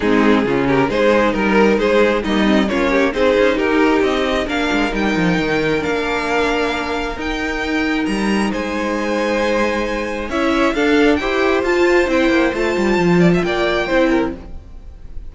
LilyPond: <<
  \new Staff \with { instrumentName = "violin" } { \time 4/4 \tempo 4 = 134 gis'4. ais'8 c''4 ais'4 | c''4 dis''4 cis''4 c''4 | ais'4 dis''4 f''4 g''4~ | g''4 f''2. |
g''2 ais''4 gis''4~ | gis''2. e''4 | f''4 g''4 a''4 g''4 | a''2 g''2 | }
  \new Staff \with { instrumentName = "violin" } { \time 4/4 dis'4 f'8 g'8 gis'4 ais'4 | gis'4 dis'4 f'8 g'8 gis'4 | g'2 ais'2~ | ais'1~ |
ais'2. c''4~ | c''2. cis''4 | a'4 c''2.~ | c''4. d''16 e''16 d''4 c''8 ais'8 | }
  \new Staff \with { instrumentName = "viola" } { \time 4/4 c'4 cis'4 dis'2~ | dis'4 ais8 c'8 cis'4 dis'4~ | dis'2 d'4 dis'4~ | dis'4 d'2. |
dis'1~ | dis'2. e'4 | d'4 g'4 f'4 e'4 | f'2. e'4 | }
  \new Staff \with { instrumentName = "cello" } { \time 4/4 gis4 cis4 gis4 g4 | gis4 g4 ais4 c'8 cis'8 | dis'4 c'4 ais8 gis8 g8 f8 | dis4 ais2. |
dis'2 g4 gis4~ | gis2. cis'4 | d'4 e'4 f'4 c'8 ais8 | a8 g8 f4 ais4 c'4 | }
>>